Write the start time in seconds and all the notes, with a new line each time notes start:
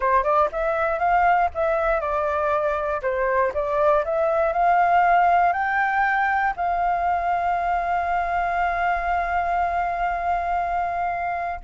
0.00 C5
0.23 D5
0.52 E5
0.98 F5
1.54 E5
2.00 D5
3.01 C5
3.54 D5
4.05 E5
4.52 F5
5.52 G5
6.56 F5